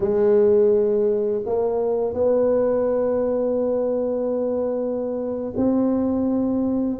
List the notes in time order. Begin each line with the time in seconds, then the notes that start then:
0.00 G#3
1.45 A#3
2.14 B3
5.56 C4